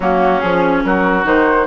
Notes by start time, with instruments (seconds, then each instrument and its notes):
0.00 bassoon F#3, clarinet A#3, oboe C#4, flute F#4
0.40 bassoon F3, clarinet C#4, flute G#4
0.84 bassoon F#3, oboe F#4, flute A#4
1.23 bassoon D#3, clarinet D#4, flute C5